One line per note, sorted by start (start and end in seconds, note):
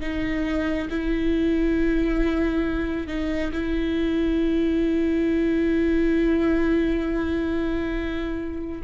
0.00 0.88 D#4
0.89 3.07 E4
3.07 3.51 D#4
3.52 8.82 E4